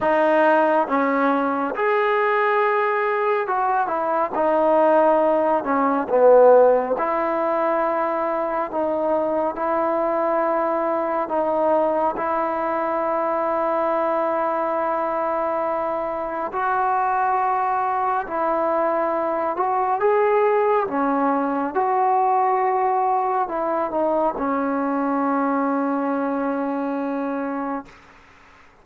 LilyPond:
\new Staff \with { instrumentName = "trombone" } { \time 4/4 \tempo 4 = 69 dis'4 cis'4 gis'2 | fis'8 e'8 dis'4. cis'8 b4 | e'2 dis'4 e'4~ | e'4 dis'4 e'2~ |
e'2. fis'4~ | fis'4 e'4. fis'8 gis'4 | cis'4 fis'2 e'8 dis'8 | cis'1 | }